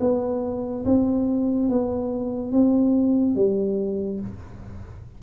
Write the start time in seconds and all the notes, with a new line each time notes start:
0.00 B3
0.85 C4
1.69 B3
2.52 C4
3.35 G3